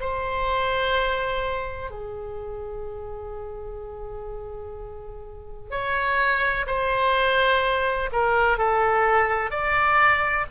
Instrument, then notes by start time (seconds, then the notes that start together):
oboe
0.00 C5
1.90 G#4
5.71 C#5
6.67 C5
8.12 A#4
8.58 A4
9.51 D5